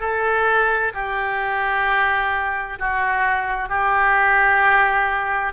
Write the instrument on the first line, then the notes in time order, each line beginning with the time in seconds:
oboe
0.00 A4
0.94 G4
2.79 F#4
3.69 G4